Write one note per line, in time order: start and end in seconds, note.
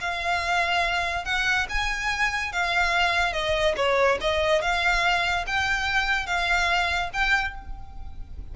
0.00 1.24 F5
1.24 1.66 F#5
1.69 2.52 G#5
2.52 3.33 F5
3.33 3.75 D#5
3.76 4.18 C#5
4.21 4.61 D#5
4.61 5.45 F5
5.46 6.26 G5
6.26 7.10 F5
7.13 7.55 G5